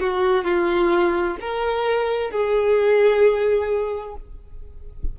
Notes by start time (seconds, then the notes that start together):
0.00 F#4
0.44 F4
1.41 A#4
2.31 G#4